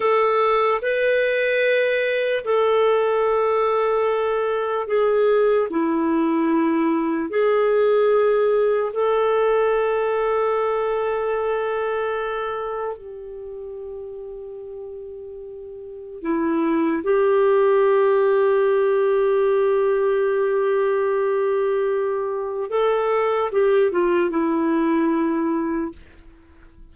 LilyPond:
\new Staff \with { instrumentName = "clarinet" } { \time 4/4 \tempo 4 = 74 a'4 b'2 a'4~ | a'2 gis'4 e'4~ | e'4 gis'2 a'4~ | a'1 |
g'1 | e'4 g'2.~ | g'1 | a'4 g'8 f'8 e'2 | }